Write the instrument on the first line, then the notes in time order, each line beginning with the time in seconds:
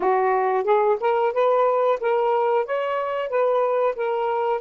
saxophone
0.00 F#4
0.64 G#4
1.00 A#4
1.33 B4
2.00 A#4
2.65 C#5
3.29 B4
3.95 A#4